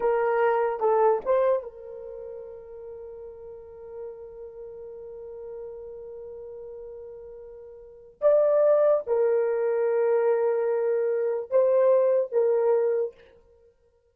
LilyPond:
\new Staff \with { instrumentName = "horn" } { \time 4/4 \tempo 4 = 146 ais'2 a'4 c''4 | ais'1~ | ais'1~ | ais'1~ |
ais'1 | d''2 ais'2~ | ais'1 | c''2 ais'2 | }